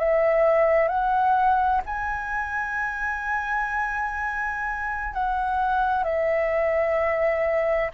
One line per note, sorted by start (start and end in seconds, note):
0.00 0.89 E5
0.89 1.82 F#5
1.86 5.14 G#5
5.14 6.04 F#5
6.04 7.91 E5